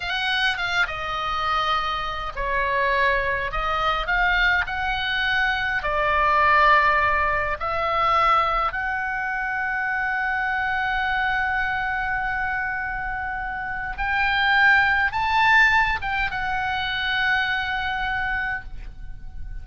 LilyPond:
\new Staff \with { instrumentName = "oboe" } { \time 4/4 \tempo 4 = 103 fis''4 f''8 dis''2~ dis''8 | cis''2 dis''4 f''4 | fis''2 d''2~ | d''4 e''2 fis''4~ |
fis''1~ | fis''1 | g''2 a''4. g''8 | fis''1 | }